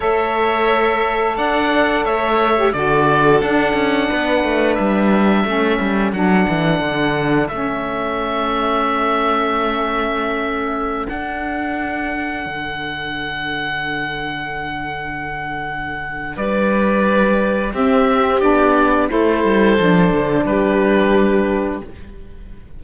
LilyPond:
<<
  \new Staff \with { instrumentName = "oboe" } { \time 4/4 \tempo 4 = 88 e''2 fis''4 e''4 | d''4 fis''2 e''4~ | e''4 fis''2 e''4~ | e''1~ |
e''16 fis''2.~ fis''8.~ | fis''1 | d''2 e''4 d''4 | c''2 b'2 | }
  \new Staff \with { instrumentName = "violin" } { \time 4/4 cis''2 d''4 cis''4 | a'2 b'2 | a'1~ | a'1~ |
a'1~ | a'1 | b'2 g'2 | a'2 g'2 | }
  \new Staff \with { instrumentName = "saxophone" } { \time 4/4 a'2.~ a'8. g'16 | fis'4 d'2. | cis'4 d'2 cis'4~ | cis'1~ |
cis'16 d'2.~ d'8.~ | d'1~ | d'2 c'4 d'4 | e'4 d'2. | }
  \new Staff \with { instrumentName = "cello" } { \time 4/4 a2 d'4 a4 | d4 d'8 cis'8 b8 a8 g4 | a8 g8 fis8 e8 d4 a4~ | a1~ |
a16 d'2 d4.~ d16~ | d1 | g2 c'4 b4 | a8 g8 f8 d8 g2 | }
>>